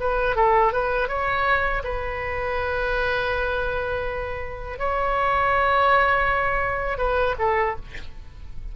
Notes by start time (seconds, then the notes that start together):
0.00 B4
0.36 A4
0.73 B4
1.08 C#5
1.84 B4
4.79 C#5
6.98 B4
7.39 A4